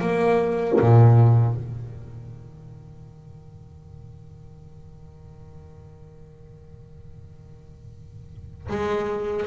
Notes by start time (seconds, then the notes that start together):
0.00 A#3
0.80 A#2
1.55 D#3
8.69 G#3